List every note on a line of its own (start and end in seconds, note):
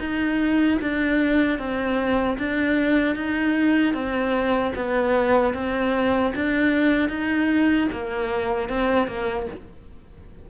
0.00 0.79 D#4
0.81 1.58 D4
1.58 2.37 C4
2.38 3.15 D4
3.15 3.94 D#4
3.94 4.73 C4
4.75 5.54 B3
5.54 6.33 C4
6.35 7.09 D4
7.09 7.88 D#4
7.92 8.69 A#3
8.69 9.07 C4
9.07 9.47 A#3